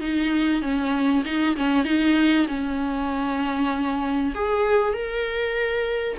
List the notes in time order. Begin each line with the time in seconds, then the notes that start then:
0.00 D#4
0.62 C#4
1.25 D#4
1.56 C#4
1.85 D#4
2.48 C#4
4.34 G#4
4.93 A#4